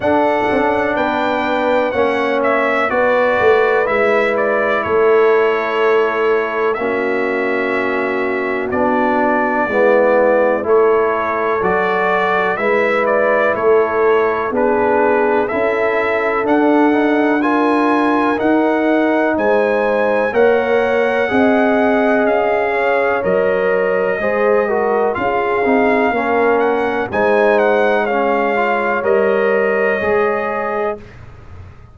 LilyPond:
<<
  \new Staff \with { instrumentName = "trumpet" } { \time 4/4 \tempo 4 = 62 fis''4 g''4 fis''8 e''8 d''4 | e''8 d''8 cis''2 e''4~ | e''4 d''2 cis''4 | d''4 e''8 d''8 cis''4 b'4 |
e''4 fis''4 gis''4 fis''4 | gis''4 fis''2 f''4 | dis''2 f''4. fis''8 | gis''8 fis''8 f''4 dis''2 | }
  \new Staff \with { instrumentName = "horn" } { \time 4/4 a'4 b'4 cis''4 b'4~ | b'4 a'2 fis'4~ | fis'2 e'4 a'4~ | a'4 b'4 a'4 gis'4 |
a'2 ais'2 | c''4 cis''4 dis''4. cis''8~ | cis''4 c''8 ais'8 gis'4 ais'4 | c''4 cis''2. | }
  \new Staff \with { instrumentName = "trombone" } { \time 4/4 d'2 cis'4 fis'4 | e'2. cis'4~ | cis'4 d'4 b4 e'4 | fis'4 e'2 d'4 |
e'4 d'8 dis'8 f'4 dis'4~ | dis'4 ais'4 gis'2 | ais'4 gis'8 fis'8 f'8 dis'8 cis'4 | dis'4 cis'8 f'8 ais'4 gis'4 | }
  \new Staff \with { instrumentName = "tuba" } { \time 4/4 d'8 cis'8 b4 ais4 b8 a8 | gis4 a2 ais4~ | ais4 b4 gis4 a4 | fis4 gis4 a4 b4 |
cis'4 d'2 dis'4 | gis4 ais4 c'4 cis'4 | fis4 gis4 cis'8 c'8 ais4 | gis2 g4 gis4 | }
>>